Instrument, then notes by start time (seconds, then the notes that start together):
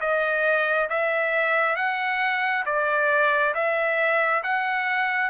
trumpet
0.00 D#5
0.89 E5
1.76 F#5
2.66 D5
3.54 E5
4.43 F#5